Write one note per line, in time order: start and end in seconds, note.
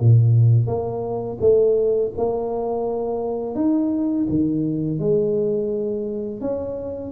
0.00 0.66 A#2
0.66 1.38 A#3
1.40 2.11 A3
2.17 3.55 A#3
3.55 4.27 D#4
4.29 4.99 D#3
4.99 6.41 G#3
6.41 7.11 C#4